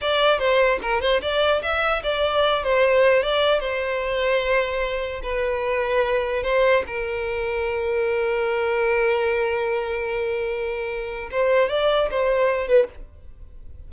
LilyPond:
\new Staff \with { instrumentName = "violin" } { \time 4/4 \tempo 4 = 149 d''4 c''4 ais'8 c''8 d''4 | e''4 d''4. c''4. | d''4 c''2.~ | c''4 b'2. |
c''4 ais'2.~ | ais'1~ | ais'1 | c''4 d''4 c''4. b'8 | }